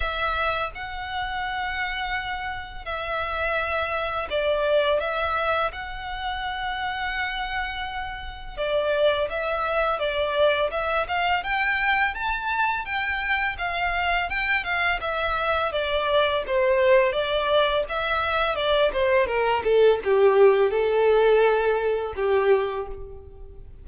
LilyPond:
\new Staff \with { instrumentName = "violin" } { \time 4/4 \tempo 4 = 84 e''4 fis''2. | e''2 d''4 e''4 | fis''1 | d''4 e''4 d''4 e''8 f''8 |
g''4 a''4 g''4 f''4 | g''8 f''8 e''4 d''4 c''4 | d''4 e''4 d''8 c''8 ais'8 a'8 | g'4 a'2 g'4 | }